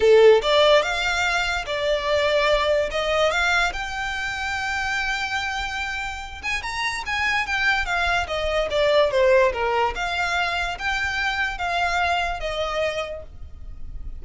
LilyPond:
\new Staff \with { instrumentName = "violin" } { \time 4/4 \tempo 4 = 145 a'4 d''4 f''2 | d''2. dis''4 | f''4 g''2.~ | g''2.~ g''8 gis''8 |
ais''4 gis''4 g''4 f''4 | dis''4 d''4 c''4 ais'4 | f''2 g''2 | f''2 dis''2 | }